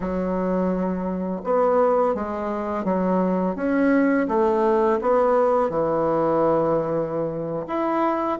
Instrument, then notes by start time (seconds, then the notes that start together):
bassoon
0.00 F#3
1.44 B3
2.14 G#3
2.84 F#3
3.55 C#4
4.28 A3
5.01 B3
5.69 E3
7.67 E4